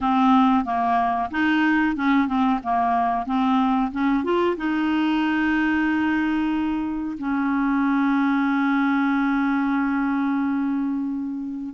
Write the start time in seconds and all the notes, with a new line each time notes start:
0.00 C4
0.64 A#3
1.30 D#4
1.96 C#4
2.27 C4
2.63 A#3
3.25 C4
3.91 C#4
4.24 F4
4.57 D#4
7.17 C#4